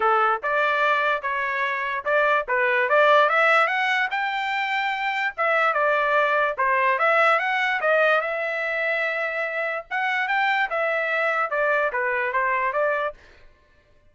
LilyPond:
\new Staff \with { instrumentName = "trumpet" } { \time 4/4 \tempo 4 = 146 a'4 d''2 cis''4~ | cis''4 d''4 b'4 d''4 | e''4 fis''4 g''2~ | g''4 e''4 d''2 |
c''4 e''4 fis''4 dis''4 | e''1 | fis''4 g''4 e''2 | d''4 b'4 c''4 d''4 | }